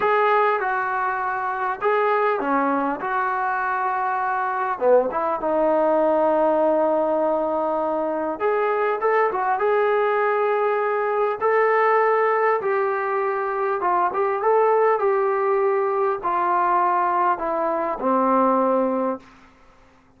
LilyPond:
\new Staff \with { instrumentName = "trombone" } { \time 4/4 \tempo 4 = 100 gis'4 fis'2 gis'4 | cis'4 fis'2. | b8 e'8 dis'2.~ | dis'2 gis'4 a'8 fis'8 |
gis'2. a'4~ | a'4 g'2 f'8 g'8 | a'4 g'2 f'4~ | f'4 e'4 c'2 | }